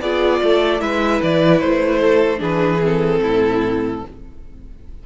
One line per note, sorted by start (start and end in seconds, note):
0.00 0.40 B3
0.00 0.79 F4
0.00 0.41 G#4
0.00 0.81 D5
0.42 0.80 A3
0.42 0.81 A4
0.79 1.20 G#3
0.79 2.37 E4
0.79 1.99 B4
0.79 1.21 E5
1.22 1.61 E3
1.22 1.59 D5
1.59 2.40 A3
1.59 2.39 C5
1.99 2.39 A4
2.37 3.20 E3
2.37 2.77 D4
2.37 3.19 G#4
2.37 2.83 B4
2.82 4.02 C4
2.82 4.06 A4
3.21 4.01 A2
3.21 4.02 E4